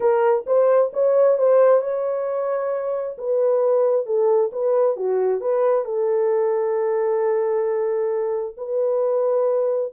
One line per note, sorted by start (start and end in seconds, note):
0.00 0.45 A#4
0.46 0.91 C5
0.93 1.38 C#5
1.38 1.81 C5
1.81 3.16 C#5
3.17 4.05 B4
4.05 4.51 A4
4.52 4.96 B4
4.96 5.40 F#4
5.40 5.85 B4
5.85 8.55 A4
8.57 9.92 B4